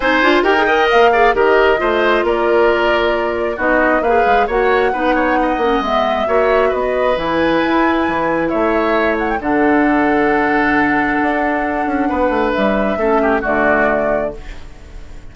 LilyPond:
<<
  \new Staff \with { instrumentName = "flute" } { \time 4/4 \tempo 4 = 134 gis''4 g''4 f''4 dis''4~ | dis''4 d''2. | dis''4 f''4 fis''2~ | fis''4 e''2 dis''4 |
gis''2. e''4~ | e''8 fis''16 g''16 fis''2.~ | fis''1 | e''2 d''2 | }
  \new Staff \with { instrumentName = "oboe" } { \time 4/4 c''4 ais'8 dis''4 d''8 ais'4 | c''4 ais'2. | fis'4 b'4 cis''4 b'8 cis''8 | dis''2 cis''4 b'4~ |
b'2. cis''4~ | cis''4 a'2.~ | a'2. b'4~ | b'4 a'8 g'8 fis'2 | }
  \new Staff \with { instrumentName = "clarinet" } { \time 4/4 dis'8 f'8 g'16 gis'16 ais'4 gis'8 g'4 | f'1 | dis'4 gis'4 fis'4 dis'4~ | dis'8 cis'8 b4 fis'2 |
e'1~ | e'4 d'2.~ | d'1~ | d'4 cis'4 a2 | }
  \new Staff \with { instrumentName = "bassoon" } { \time 4/4 c'8 d'8 dis'4 ais4 dis4 | a4 ais2. | b4 ais8 gis8 ais4 b4~ | b8 ais8 gis4 ais4 b4 |
e4 e'4 e4 a4~ | a4 d2.~ | d4 d'4. cis'8 b8 a8 | g4 a4 d2 | }
>>